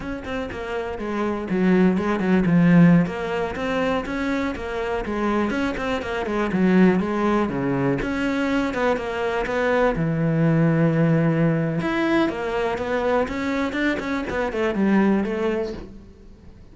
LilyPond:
\new Staff \with { instrumentName = "cello" } { \time 4/4 \tempo 4 = 122 cis'8 c'8 ais4 gis4 fis4 | gis8 fis8 f4~ f16 ais4 c'8.~ | c'16 cis'4 ais4 gis4 cis'8 c'16~ | c'16 ais8 gis8 fis4 gis4 cis8.~ |
cis16 cis'4. b8 ais4 b8.~ | b16 e2.~ e8. | e'4 ais4 b4 cis'4 | d'8 cis'8 b8 a8 g4 a4 | }